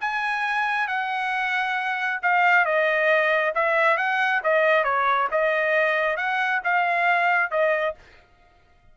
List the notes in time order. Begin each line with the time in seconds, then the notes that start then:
0.00 G#5
0.87 F#5
2.22 F5
2.65 D#5
3.55 E5
3.97 F#5
4.43 D#5
4.84 C#5
5.31 D#5
6.16 F#5
6.64 F5
7.50 D#5